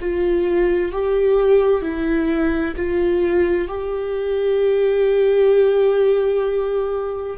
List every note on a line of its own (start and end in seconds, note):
0.00 0.92 F4
0.92 1.82 G4
1.82 2.74 E4
2.76 3.68 F4
3.68 7.37 G4